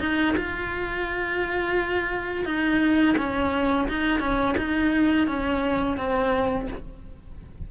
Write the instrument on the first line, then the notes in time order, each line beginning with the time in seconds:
cello
0.00 D#4
0.37 F4
2.45 D#4
3.18 C#4
3.89 D#4
4.20 C#4
4.58 D#4
5.28 C#4
5.97 C4